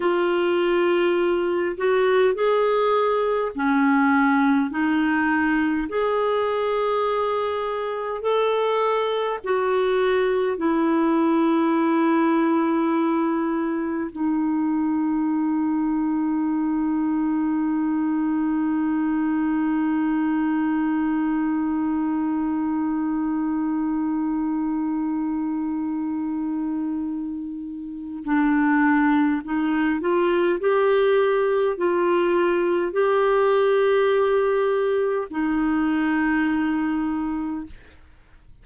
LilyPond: \new Staff \with { instrumentName = "clarinet" } { \time 4/4 \tempo 4 = 51 f'4. fis'8 gis'4 cis'4 | dis'4 gis'2 a'4 | fis'4 e'2. | dis'1~ |
dis'1~ | dis'1 | d'4 dis'8 f'8 g'4 f'4 | g'2 dis'2 | }